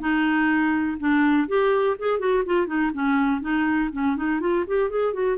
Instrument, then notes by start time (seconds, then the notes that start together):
clarinet
0.00 D#4
1.00 D4
1.48 G4
1.99 G#4
2.19 F#4
2.46 F4
2.67 D#4
2.94 C#4
3.41 D#4
3.93 C#4
4.16 D#4
4.40 F4
4.67 G4
4.90 G#4
5.14 F#4